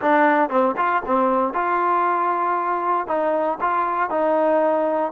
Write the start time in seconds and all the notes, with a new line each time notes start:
0.01 D4
0.49 C4
0.76 F4
1.05 C4
1.53 F4
3.07 D#4
3.61 F4
4.10 D#4